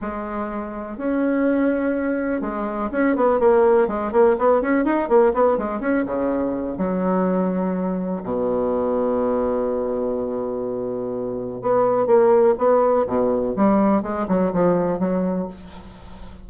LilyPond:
\new Staff \with { instrumentName = "bassoon" } { \time 4/4 \tempo 4 = 124 gis2 cis'2~ | cis'4 gis4 cis'8 b8 ais4 | gis8 ais8 b8 cis'8 dis'8 ais8 b8 gis8 | cis'8 cis4. fis2~ |
fis4 b,2.~ | b,1 | b4 ais4 b4 b,4 | g4 gis8 fis8 f4 fis4 | }